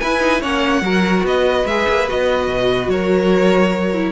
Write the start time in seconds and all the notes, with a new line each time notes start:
0.00 E4 B4 G#5
0.20 D#4
0.41 A#3 C#4 C#5 F#5
0.81 F#3 F#4 A#4
1.23 B3 B4 D#5
1.65 G#3 G#4 E5
1.89 A#3
2.08 B3 F#4 D#5
2.48 B2
2.89 F#3 A#4 C#5
3.94 E4